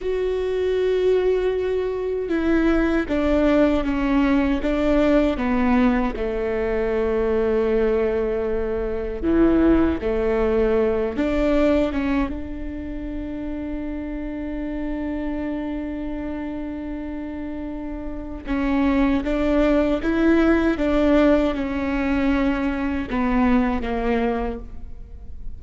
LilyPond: \new Staff \with { instrumentName = "viola" } { \time 4/4 \tempo 4 = 78 fis'2. e'4 | d'4 cis'4 d'4 b4 | a1 | e4 a4. d'4 cis'8 |
d'1~ | d'1 | cis'4 d'4 e'4 d'4 | cis'2 b4 ais4 | }